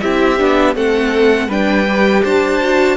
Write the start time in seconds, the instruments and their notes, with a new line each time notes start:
0.00 cello C4, viola E4, violin G4 E5
0.38 cello B3, viola D4
0.75 cello A3, viola C4, violin A4 F#5
1.48 cello G3, viola D4, violin B4 G5
1.88 viola G4
2.23 cello D4, violin C5 A5
2.60 viola F#4